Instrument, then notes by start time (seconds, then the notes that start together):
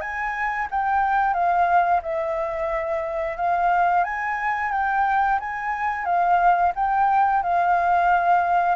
flute
0.00 G#5
0.70 G5
1.33 F5
2.02 E5
3.36 F5
4.04 G#5
4.72 G5
5.40 G#5
6.05 F5
6.75 G5
7.43 F5